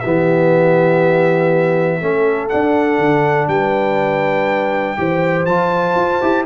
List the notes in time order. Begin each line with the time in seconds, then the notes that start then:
0.00 E3 B3 G4 E5
2.01 A3 C#4 A4
2.49 D4 F#5
2.98 D3
3.48 G3 B4 G5
4.97 E3 G4 C5
5.46 F3 F4 A5
5.95 F4
6.21 E4 G4